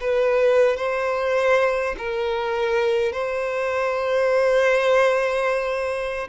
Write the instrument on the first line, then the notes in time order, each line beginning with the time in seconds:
violin
0.00 B4
0.76 C5
1.97 A#4
3.12 C5